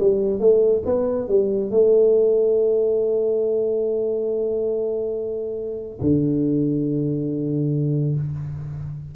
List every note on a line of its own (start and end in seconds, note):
0.00 0.40 G3
0.40 0.83 A3
0.86 1.28 B3
1.28 1.71 G3
1.71 5.99 A3
6.01 8.16 D3